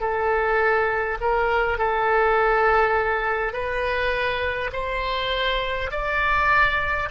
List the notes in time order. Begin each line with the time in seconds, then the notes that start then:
0.00 A4
1.20 A#4
1.78 A4
3.52 B4
4.73 C5
5.91 D5